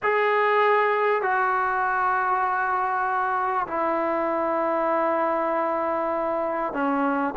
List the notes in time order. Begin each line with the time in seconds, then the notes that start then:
0.03 G#4
1.22 F#4
3.67 E4
6.73 C#4